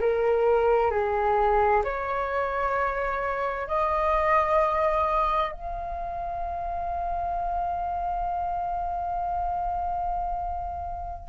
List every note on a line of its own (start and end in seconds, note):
0.00 0.90 A#4
0.90 1.83 G#4
1.84 3.67 C#5
3.67 5.52 D#5
5.52 11.29 F5